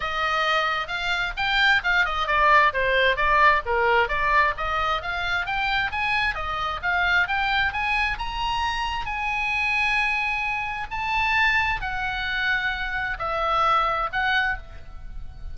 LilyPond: \new Staff \with { instrumentName = "oboe" } { \time 4/4 \tempo 4 = 132 dis''2 f''4 g''4 | f''8 dis''8 d''4 c''4 d''4 | ais'4 d''4 dis''4 f''4 | g''4 gis''4 dis''4 f''4 |
g''4 gis''4 ais''2 | gis''1 | a''2 fis''2~ | fis''4 e''2 fis''4 | }